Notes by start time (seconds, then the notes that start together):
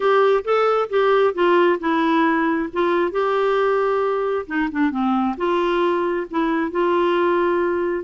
0.00 G4
0.44 A4
0.89 G4
1.34 F4
1.79 E4
2.72 F4
3.11 G4
4.46 D#4
4.71 D4
4.90 C4
5.37 F4
6.30 E4
6.71 F4